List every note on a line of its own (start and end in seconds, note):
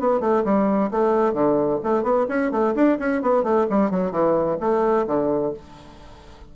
0.00 0.21 B3
0.21 0.44 A3
0.45 0.91 G3
0.91 1.34 A3
1.34 1.80 D3
1.84 2.04 A3
2.04 2.27 B3
2.29 2.52 C#4
2.52 2.75 A3
2.76 2.99 D4
2.99 3.22 C#4
3.22 3.44 B3
3.44 3.67 A3
3.70 3.91 G3
3.91 4.12 F#3
4.12 4.58 E3
4.61 5.07 A3
5.08 5.54 D3